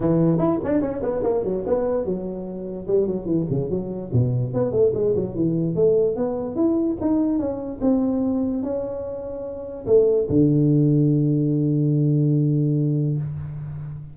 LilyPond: \new Staff \with { instrumentName = "tuba" } { \time 4/4 \tempo 4 = 146 e4 e'8 d'8 cis'8 b8 ais8 fis8 | b4 fis2 g8 fis8 | e8 cis8 fis4 b,4 b8 a8 | gis8 fis8 e4 a4 b4 |
e'4 dis'4 cis'4 c'4~ | c'4 cis'2. | a4 d2.~ | d1 | }